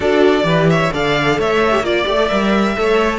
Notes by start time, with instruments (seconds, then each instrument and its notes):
0.00 cello D4, viola F#4, violin A4 D5
0.43 cello E3, viola G4, violin B4
0.69 violin C#5 E5
0.92 cello D3, viola A4, violin D5 F5
1.38 cello A3, violin C#5 E5
1.71 viola G4
1.80 cello A#3, viola F4, violin D5
2.05 cello A3, viola G4
2.16 viola A4
2.28 cello G3, viola A#4, violin E5
2.75 cello A3, viola A4, violin C#5